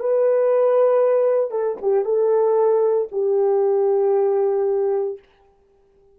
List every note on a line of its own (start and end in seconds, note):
0.00 1.51 B4
1.51 1.77 A4
1.82 2.05 G4
2.05 3.08 A4
3.12 5.19 G4